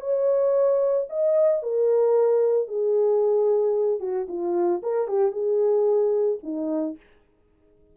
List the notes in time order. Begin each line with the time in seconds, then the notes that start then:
0.00 C#5
1.09 D#5
1.62 A#4
2.68 G#4
4.00 F#4
4.28 F4
4.83 A#4
5.07 G4
5.32 G#4
6.43 D#4